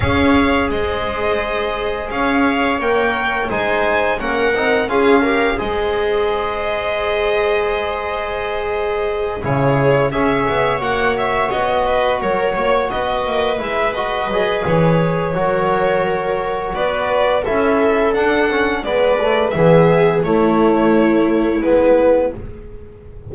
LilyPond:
<<
  \new Staff \with { instrumentName = "violin" } { \time 4/4 \tempo 4 = 86 f''4 dis''2 f''4 | g''4 gis''4 fis''4 f''4 | dis''1~ | dis''4. cis''4 e''4 fis''8 |
e''8 dis''4 cis''4 dis''4 e''8 | dis''4 cis''2. | d''4 e''4 fis''4 d''4 | e''4 cis''2 b'4 | }
  \new Staff \with { instrumentName = "viola" } { \time 4/4 cis''4 c''2 cis''4~ | cis''4 c''4 ais'4 gis'8 ais'8 | c''1~ | c''4. gis'4 cis''4.~ |
cis''4 b'8 ais'8 cis''8 b'4.~ | b'2 ais'2 | b'4 a'2 b'4 | gis'4 e'2. | }
  \new Staff \with { instrumentName = "trombone" } { \time 4/4 gis'1 | ais'4 dis'4 cis'8 dis'8 f'8 g'8 | gis'1~ | gis'4. e'4 gis'4 fis'8~ |
fis'2.~ fis'8 e'8 | fis'8 gis'4. fis'2~ | fis'4 e'4 d'8 cis'8 b8 a8 | b4 a2 b4 | }
  \new Staff \with { instrumentName = "double bass" } { \time 4/4 cis'4 gis2 cis'4 | ais4 gis4 ais8 c'8 cis'4 | gis1~ | gis4. cis4 cis'8 b8 ais8~ |
ais8 b4 fis8 ais8 b8 ais8 gis8~ | gis8 fis8 e4 fis2 | b4 cis'4 d'4 gis4 | e4 a2 gis4 | }
>>